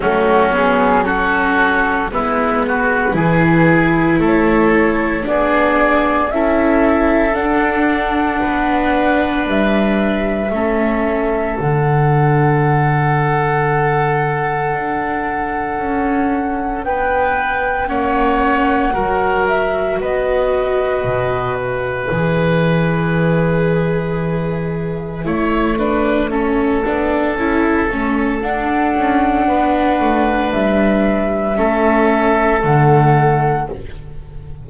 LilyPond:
<<
  \new Staff \with { instrumentName = "flute" } { \time 4/4 \tempo 4 = 57 fis'8 gis'8 a'4 b'2 | cis''4 d''4 e''4 fis''4~ | fis''4 e''2 fis''4~ | fis''1 |
g''4 fis''4. e''8 dis''4~ | dis''8 e''2.~ e''8~ | e''2. fis''4~ | fis''4 e''2 fis''4 | }
  \new Staff \with { instrumentName = "oboe" } { \time 4/4 cis'4 fis'4 e'8 fis'8 gis'4 | a'4 gis'4 a'2 | b'2 a'2~ | a'1 |
b'4 cis''4 ais'4 b'4~ | b'1 | cis''8 b'8 a'2. | b'2 a'2 | }
  \new Staff \with { instrumentName = "viola" } { \time 4/4 a8 b8 cis'4 b4 e'4~ | e'4 d'4 e'4 d'4~ | d'2 cis'4 d'4~ | d'1~ |
d'4 cis'4 fis'2~ | fis'4 gis'2. | e'8 d'8 cis'8 d'8 e'8 cis'8 d'4~ | d'2 cis'4 a4 | }
  \new Staff \with { instrumentName = "double bass" } { \time 4/4 fis2 gis4 e4 | a4 b4 cis'4 d'4 | b4 g4 a4 d4~ | d2 d'4 cis'4 |
b4 ais4 fis4 b4 | b,4 e2. | a4. b8 cis'8 a8 d'8 cis'8 | b8 a8 g4 a4 d4 | }
>>